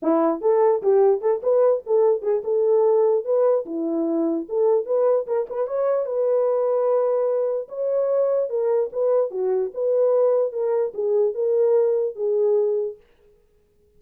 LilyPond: \new Staff \with { instrumentName = "horn" } { \time 4/4 \tempo 4 = 148 e'4 a'4 g'4 a'8 b'8~ | b'8 a'4 gis'8 a'2 | b'4 e'2 a'4 | b'4 ais'8 b'8 cis''4 b'4~ |
b'2. cis''4~ | cis''4 ais'4 b'4 fis'4 | b'2 ais'4 gis'4 | ais'2 gis'2 | }